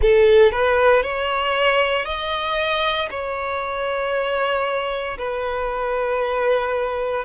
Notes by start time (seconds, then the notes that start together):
0.01 A4
0.51 B4
1.03 C#5
2.05 D#5
3.10 C#5
5.18 B4